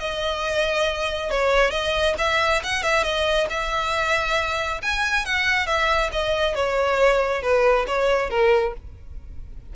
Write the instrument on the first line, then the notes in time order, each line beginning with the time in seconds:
violin
0.00 D#5
1.31 C#5
1.71 D#5
2.19 E5
2.64 F#5
2.83 E5
3.04 D#5
3.50 E5
4.82 G#5
5.26 F#5
5.67 E5
6.13 D#5
6.55 C#5
7.43 B4
7.88 C#5
8.30 A#4